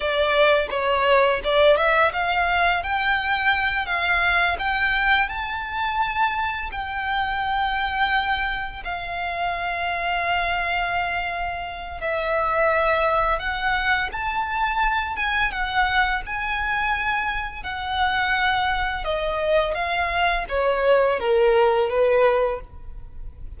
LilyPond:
\new Staff \with { instrumentName = "violin" } { \time 4/4 \tempo 4 = 85 d''4 cis''4 d''8 e''8 f''4 | g''4. f''4 g''4 a''8~ | a''4. g''2~ g''8~ | g''8 f''2.~ f''8~ |
f''4 e''2 fis''4 | a''4. gis''8 fis''4 gis''4~ | gis''4 fis''2 dis''4 | f''4 cis''4 ais'4 b'4 | }